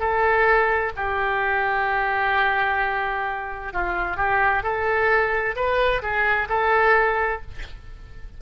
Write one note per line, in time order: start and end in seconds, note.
0.00 0.92 A4
0.97 3.73 G4
3.73 4.17 F4
4.17 4.63 G4
4.63 5.56 A4
5.56 6.03 B4
6.03 6.49 G#4
6.50 7.42 A4